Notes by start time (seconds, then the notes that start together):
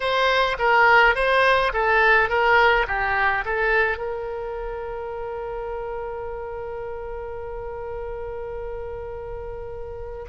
0.00 C5
0.58 A#4
1.15 C5
1.73 A4
2.29 A#4
2.87 G4
3.44 A4
3.97 A#4